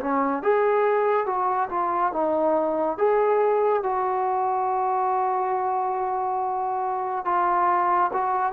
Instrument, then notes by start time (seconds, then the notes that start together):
trombone
0.00 C#4
0.42 G#4
1.26 F#4
1.69 F4
2.12 D#4
2.98 G#4
3.83 F#4
7.25 F4
8.13 F#4